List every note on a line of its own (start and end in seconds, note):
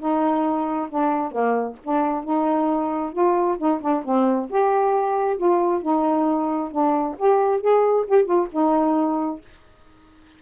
0.00 0.90 D#4
0.90 1.32 D4
1.32 1.77 A#3
1.84 2.24 D4
2.24 3.13 D#4
3.13 3.58 F4
3.59 3.81 D#4
3.82 4.04 D4
4.05 4.50 C4
4.50 5.38 G4
5.38 5.82 F4
5.82 6.72 D#4
6.72 7.16 D4
7.19 7.61 G4
7.61 8.06 G#4
8.08 8.26 G4
8.26 8.48 F4
8.52 9.42 D#4